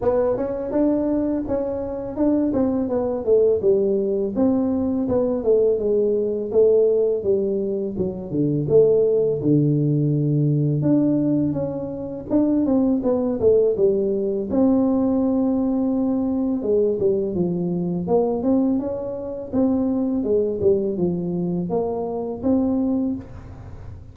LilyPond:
\new Staff \with { instrumentName = "tuba" } { \time 4/4 \tempo 4 = 83 b8 cis'8 d'4 cis'4 d'8 c'8 | b8 a8 g4 c'4 b8 a8 | gis4 a4 g4 fis8 d8 | a4 d2 d'4 |
cis'4 d'8 c'8 b8 a8 g4 | c'2. gis8 g8 | f4 ais8 c'8 cis'4 c'4 | gis8 g8 f4 ais4 c'4 | }